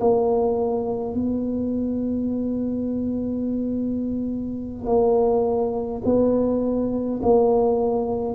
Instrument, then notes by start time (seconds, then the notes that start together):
tuba
0.00 A#3
1.14 B3
4.87 A#3
6.05 B3
7.23 A#3